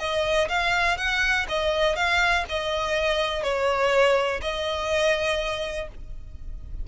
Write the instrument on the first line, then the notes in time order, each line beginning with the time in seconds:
violin
0.00 D#5
0.49 F5
0.98 F#5
1.49 D#5
1.96 F5
2.49 D#5
3.43 C#5
4.42 D#5